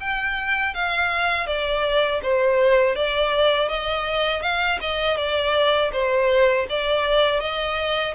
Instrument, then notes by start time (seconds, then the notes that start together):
violin
0.00 G5
0.74 F5
1.47 D5
2.23 C5
2.96 D5
3.69 D#5
4.42 F5
4.81 D#5
5.17 D5
5.93 C5
6.69 D5
7.40 D#5